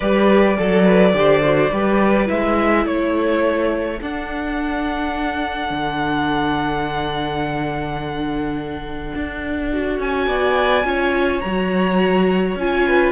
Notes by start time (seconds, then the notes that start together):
0.00 G3 G4 B4 D5
0.58 F#3 A4
0.84 B4
1.13 D3 G4 C5
1.43 F#4
1.71 G3 G4 B4
2.26 G#3 E4 E5
2.85 A3 A4 C#5
4.00 D4 F#5
5.70 D3
9.15 D4
9.72 F#4
9.99 C#4 G#5
10.27 B3 D5
10.84 C#4 F4 C#5
11.40 F#3 A#5
11.46 F#4
12.55 C#4 F4 G#5
12.87 B4